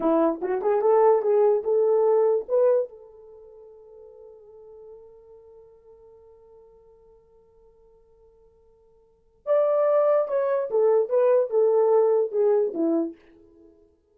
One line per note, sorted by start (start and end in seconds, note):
0.00 0.40 E4
0.41 0.61 F#4
0.61 0.81 G#4
0.81 1.21 A4
1.21 1.63 G#4
1.63 2.45 A4
2.48 2.88 B4
2.88 9.46 A4
9.46 10.28 D5
10.28 10.69 C#5
10.70 11.09 A4
11.09 11.50 B4
11.50 12.31 A4
12.31 12.72 G#4
12.74 13.15 E4